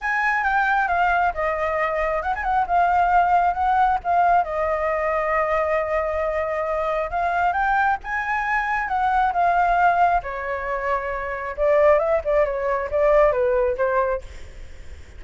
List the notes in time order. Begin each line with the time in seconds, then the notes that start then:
0.01 G#5
0.43 G5
0.88 F5
1.34 D#5
2.22 F#5
2.35 G#5
2.43 F#5
2.66 F5
3.53 F#5
4.03 F5
4.44 D#5
7.10 F5
7.52 G5
8.03 G#5
8.87 F#5
9.32 F5
10.22 C#5
11.57 D5
11.98 E5
12.24 D5
12.45 C#5
12.90 D5
13.32 B4
13.77 C5